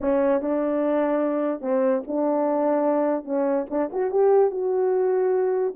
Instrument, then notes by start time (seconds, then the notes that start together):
horn
0.00 C#4
0.41 D4
1.61 C4
2.07 D4
3.24 C#4
3.69 D4
3.92 F#4
4.10 G4
4.50 F#4